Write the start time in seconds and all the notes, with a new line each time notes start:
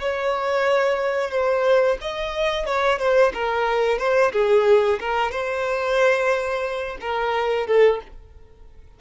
0.00 C#5
1.31 C5
2.01 D#5
2.65 C#5
2.98 C5
3.33 A#4
3.98 C5
4.32 G#4
5.00 A#4
5.31 C5
7.01 A#4
7.66 A4